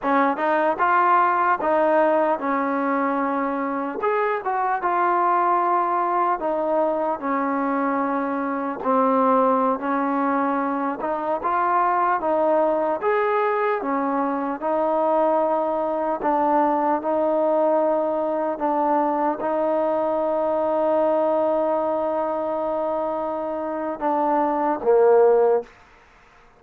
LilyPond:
\new Staff \with { instrumentName = "trombone" } { \time 4/4 \tempo 4 = 75 cis'8 dis'8 f'4 dis'4 cis'4~ | cis'4 gis'8 fis'8 f'2 | dis'4 cis'2 c'4~ | c'16 cis'4. dis'8 f'4 dis'8.~ |
dis'16 gis'4 cis'4 dis'4.~ dis'16~ | dis'16 d'4 dis'2 d'8.~ | d'16 dis'2.~ dis'8.~ | dis'2 d'4 ais4 | }